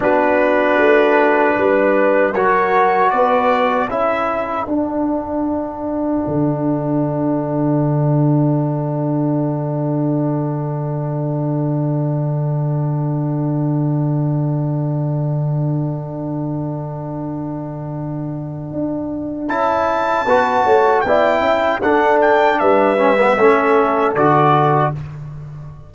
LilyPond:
<<
  \new Staff \with { instrumentName = "trumpet" } { \time 4/4 \tempo 4 = 77 b'2. cis''4 | d''4 e''4 fis''2~ | fis''1~ | fis''1~ |
fis''1~ | fis''1~ | fis''4 a''2 g''4 | fis''8 g''8 e''2 d''4 | }
  \new Staff \with { instrumentName = "horn" } { \time 4/4 fis'2 b'4 ais'4 | b'4 a'2.~ | a'1~ | a'1~ |
a'1~ | a'1~ | a'2 b'8 cis''8 d''8 e''8 | a'4 b'4 a'2 | }
  \new Staff \with { instrumentName = "trombone" } { \time 4/4 d'2. fis'4~ | fis'4 e'4 d'2~ | d'1~ | d'1~ |
d'1~ | d'1~ | d'4 e'4 fis'4 e'4 | d'4. cis'16 b16 cis'4 fis'4 | }
  \new Staff \with { instrumentName = "tuba" } { \time 4/4 b4 a4 g4 fis4 | b4 cis'4 d'2 | d1~ | d1~ |
d1~ | d1 | d'4 cis'4 b8 a8 b8 cis'8 | d'4 g4 a4 d4 | }
>>